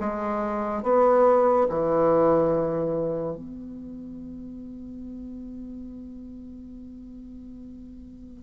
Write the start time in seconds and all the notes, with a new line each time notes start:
0.00 G#3
0.83 B3
1.69 E3
3.36 B3